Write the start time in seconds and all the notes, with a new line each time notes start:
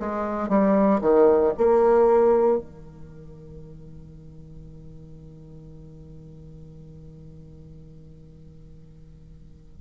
0.00 G#3
0.49 G3
1.02 D#3
1.58 A#3
2.59 D#3